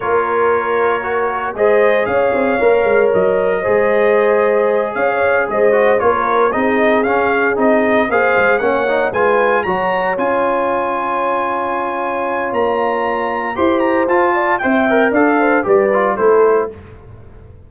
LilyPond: <<
  \new Staff \with { instrumentName = "trumpet" } { \time 4/4 \tempo 4 = 115 cis''2. dis''4 | f''2 dis''2~ | dis''4. f''4 dis''4 cis''8~ | cis''8 dis''4 f''4 dis''4 f''8~ |
f''8 fis''4 gis''4 ais''4 gis''8~ | gis''1 | ais''2 c'''8 ais''8 a''4 | g''4 f''4 d''4 c''4 | }
  \new Staff \with { instrumentName = "horn" } { \time 4/4 ais'2. c''4 | cis''2. c''4~ | c''4. cis''4 c''4 ais'8~ | ais'8 gis'2. c''8~ |
c''8 cis''4 b'4 cis''4.~ | cis''1~ | cis''2 c''4. d''8 | e''4 d''8 c''8 b'4 a'4 | }
  \new Staff \with { instrumentName = "trombone" } { \time 4/4 f'2 fis'4 gis'4~ | gis'4 ais'2 gis'4~ | gis'2. fis'8 f'8~ | f'8 dis'4 cis'4 dis'4 gis'8~ |
gis'8 cis'8 dis'8 f'4 fis'4 f'8~ | f'1~ | f'2 g'4 f'4 | c''8 ais'8 a'4 g'8 f'8 e'4 | }
  \new Staff \with { instrumentName = "tuba" } { \time 4/4 ais2. gis4 | cis'8 c'8 ais8 gis8 fis4 gis4~ | gis4. cis'4 gis4 ais8~ | ais8 c'4 cis'4 c'4 ais8 |
gis8 ais4 gis4 fis4 cis'8~ | cis'1 | ais2 e'4 f'4 | c'4 d'4 g4 a4 | }
>>